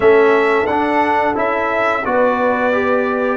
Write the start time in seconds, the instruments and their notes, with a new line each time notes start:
0.00 tuba A3, trombone C#4, horn A4, trumpet E5
0.66 tuba D4, trombone D4, trumpet F#5
1.34 tuba C#4, trombone E4, trumpet E5
2.04 tuba B3, trombone F#4, horn B4, trumpet D5
2.72 trombone G4